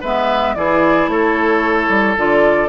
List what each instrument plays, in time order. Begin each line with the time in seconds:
0.00 bassoon G#3, clarinet B3, oboe B4, flute E5
0.55 bassoon E3, clarinet E4, oboe G#4, flute D5
1.07 bassoon A3, oboe A4, flute C#5
1.89 bassoon G3
2.17 bassoon D3, clarinet F4, flute D5